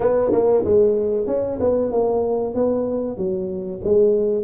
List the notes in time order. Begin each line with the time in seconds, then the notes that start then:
0.00 B3
0.32 A#3
0.64 G#3
1.26 C#4
1.60 B3
1.91 A#3
2.54 B3
3.17 F#3
3.84 G#3